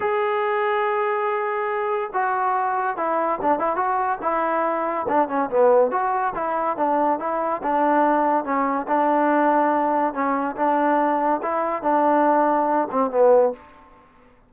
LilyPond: \new Staff \with { instrumentName = "trombone" } { \time 4/4 \tempo 4 = 142 gis'1~ | gis'4 fis'2 e'4 | d'8 e'8 fis'4 e'2 | d'8 cis'8 b4 fis'4 e'4 |
d'4 e'4 d'2 | cis'4 d'2. | cis'4 d'2 e'4 | d'2~ d'8 c'8 b4 | }